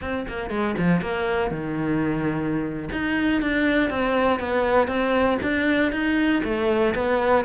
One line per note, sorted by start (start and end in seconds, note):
0.01 0.26 C4
0.28 0.50 A#3
0.50 0.75 G#3
0.78 1.01 F3
1.01 1.50 A#3
1.50 2.89 D#3
2.92 3.41 D#4
3.41 3.89 D4
3.89 4.39 C4
4.39 4.87 B3
4.87 5.37 C4
5.42 5.92 D4
5.92 6.42 D#4
6.44 6.94 A3
6.94 7.44 B3